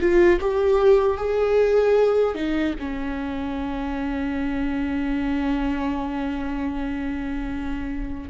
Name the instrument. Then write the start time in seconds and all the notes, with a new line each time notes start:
viola
0.00 F4
0.40 G4
1.17 G#4
2.35 D#4
2.79 C#4